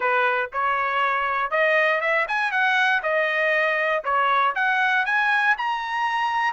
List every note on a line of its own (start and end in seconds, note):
0.00 0.50 B4
0.52 1.50 C#5
1.50 2.00 D#5
2.00 2.26 E5
2.28 2.51 G#5
2.51 3.02 F#5
3.03 4.03 D#5
4.04 4.54 C#5
4.55 5.05 F#5
5.05 5.56 G#5
5.57 6.53 A#5